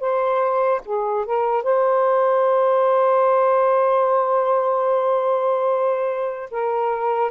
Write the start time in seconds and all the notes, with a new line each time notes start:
0.00 C5
0.85 G#4
1.26 A#4
1.63 C5
6.50 A#4